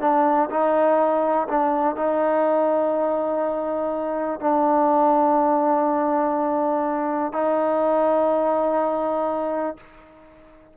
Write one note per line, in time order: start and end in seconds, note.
0.00 0.49 D4
0.50 1.47 D#4
1.48 1.96 D4
1.96 4.40 D#4
4.40 7.33 D4
7.33 9.76 D#4